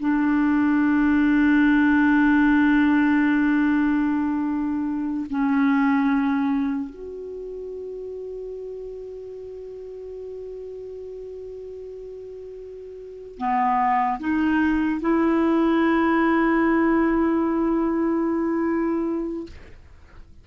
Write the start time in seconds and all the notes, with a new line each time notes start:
0.00 D4
5.30 C#4
6.90 F#4
13.38 B3
14.20 D#4
15.01 E4